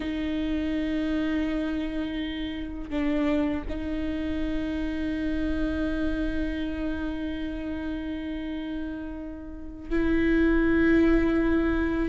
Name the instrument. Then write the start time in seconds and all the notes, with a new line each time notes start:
viola
0.00 D#4
2.90 D4
3.69 D#4
9.89 E4